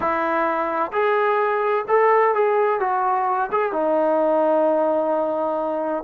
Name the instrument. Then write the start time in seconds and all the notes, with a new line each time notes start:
trombone
0.00 E4
0.92 G#4
1.88 A4
2.34 G#4
2.80 F#4
3.51 G#4
3.72 D#4